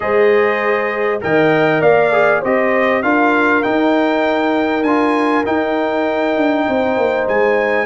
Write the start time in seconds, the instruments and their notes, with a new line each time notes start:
0.00 tuba G#3, trombone G#4, horn C5, trumpet D#5
1.21 tuba D#3, trombone A#4, horn D#5, trumpet G5
1.81 tuba A#3, horn D5, trumpet F5
2.12 trombone G#4
2.40 tuba C4, trombone G4, horn C5, trumpet D#5
3.02 tuba D4, trombone F4, horn A#4, trumpet F5
3.62 trombone D#4, tuba D#4, trumpet G5
4.82 tuba D4, trombone F4, trumpet G#5
5.44 trombone D#4, tuba D#4, trumpet G5
6.36 tuba D4
6.68 tuba C4, horn C5
6.97 tuba A#3
7.28 tuba G#3, trumpet G#5